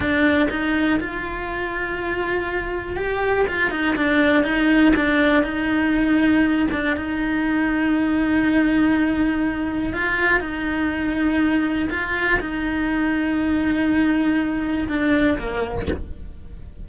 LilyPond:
\new Staff \with { instrumentName = "cello" } { \time 4/4 \tempo 4 = 121 d'4 dis'4 f'2~ | f'2 g'4 f'8 dis'8 | d'4 dis'4 d'4 dis'4~ | dis'4. d'8 dis'2~ |
dis'1 | f'4 dis'2. | f'4 dis'2.~ | dis'2 d'4 ais4 | }